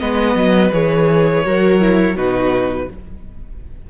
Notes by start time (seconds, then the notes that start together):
0.00 G#3 B3 B4 D#5
0.35 F#3
0.73 E3 G#4 C#5
1.45 F#3 F#4 A#4
1.81 E4
2.16 B2 D#4 F#4 B4